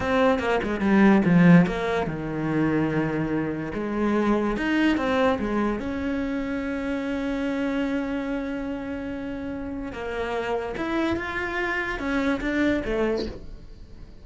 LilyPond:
\new Staff \with { instrumentName = "cello" } { \time 4/4 \tempo 4 = 145 c'4 ais8 gis8 g4 f4 | ais4 dis2.~ | dis4 gis2 dis'4 | c'4 gis4 cis'2~ |
cis'1~ | cis'1 | ais2 e'4 f'4~ | f'4 cis'4 d'4 a4 | }